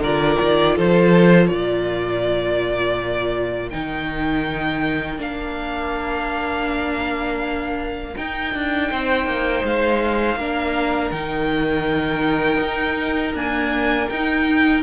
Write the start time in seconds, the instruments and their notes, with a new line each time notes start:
0.00 cello D3, viola F4, violin A#4 D5
0.42 cello D#3
0.77 cello F3, violin A4 C5
1.48 cello A#2, violin A#4 D5
3.71 cello D#3, viola D#4, violin G5
5.18 cello A#3, viola D4, violin F5
8.17 viola D#4, cello D#4, violin G5
8.55 cello D4
8.91 cello C4, violin C5
9.26 cello A#3
9.64 cello G#3, violin F5
10.37 cello A#3, viola D4, violin A#4
11.12 cello D#3, viola D#4, violin G5
12.60 cello D#4
13.34 viola A#3, cello D4, violin G#5
14.10 cello D#4, viola D#4, violin G5